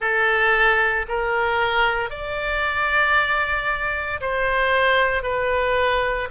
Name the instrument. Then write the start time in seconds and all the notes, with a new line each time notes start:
oboe
0.00 A4
1.08 A#4
2.10 D5
4.21 C5
5.22 B4